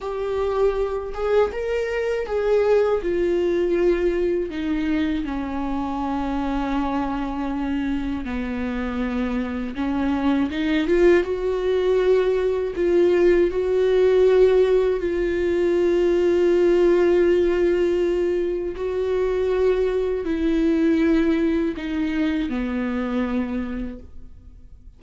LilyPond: \new Staff \with { instrumentName = "viola" } { \time 4/4 \tempo 4 = 80 g'4. gis'8 ais'4 gis'4 | f'2 dis'4 cis'4~ | cis'2. b4~ | b4 cis'4 dis'8 f'8 fis'4~ |
fis'4 f'4 fis'2 | f'1~ | f'4 fis'2 e'4~ | e'4 dis'4 b2 | }